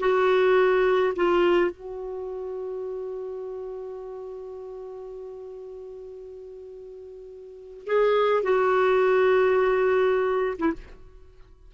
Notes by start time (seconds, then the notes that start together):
0.00 F#4
1.16 F4
1.71 F#4
7.86 G#4
8.43 F#4
10.59 E4